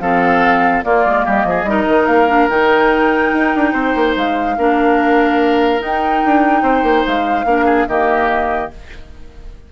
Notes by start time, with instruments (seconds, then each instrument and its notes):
0.00 bassoon F3, clarinet C4, oboe A4, flute F5
0.83 clarinet A#3, bassoon A#3, oboe F4, flute D5
1.05 bassoon G#3
1.25 bassoon G3, oboe G4, flute D#5
1.44 bassoon F3, oboe G#4
1.63 bassoon G3, clarinet D#4, oboe A#4
1.88 bassoon D#3
2.06 bassoon A#3, flute F5
2.28 clarinet D4
2.49 bassoon D#3, clarinet D#4, flute G5
3.33 bassoon D#4
3.55 bassoon D4
3.72 bassoon C4, oboe C5
3.95 bassoon A#3
4.16 bassoon G#3, flute F5
4.57 bassoon A#3, clarinet D4, oboe A#4
5.79 clarinet D#4, bassoon D#4, flute G5
6.25 bassoon D4
6.62 bassoon C4, oboe C5
6.82 bassoon A#3
7.05 bassoon G#3, flute F5
7.45 bassoon A#3, clarinet D4, oboe A#4
7.65 oboe G#4
7.87 bassoon D#3, clarinet A#3, oboe G4, flute D#5